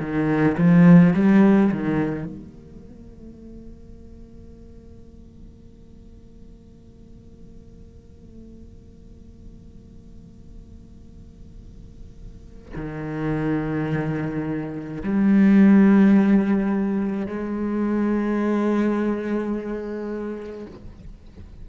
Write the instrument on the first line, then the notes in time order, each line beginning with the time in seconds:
cello
0.00 D#3
0.58 F3
1.14 G3
1.71 D#3
2.25 A#3
12.76 D#3
15.03 G3
17.26 G#3